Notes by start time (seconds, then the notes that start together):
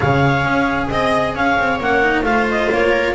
0.00 C#3 G#4 C#5 F5
0.43 C#4
0.89 C4 D#5
1.35 C#4 C#5 F5
1.58 C4
1.79 A#3 C#4 F#5
2.02 D#4
2.23 A3 F4 C5 F5
2.50 D#5
2.72 A#3 C#5
2.91 A#4